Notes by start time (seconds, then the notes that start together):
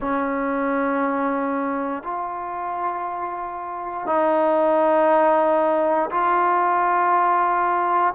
0.00 C#4
2.03 F4
4.06 D#4
6.10 F4